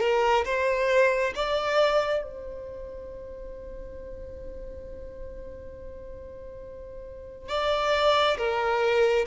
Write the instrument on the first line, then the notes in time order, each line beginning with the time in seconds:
violin
0.00 A#4
0.45 C5
1.35 D5
2.23 C5
7.49 D5
8.37 A#4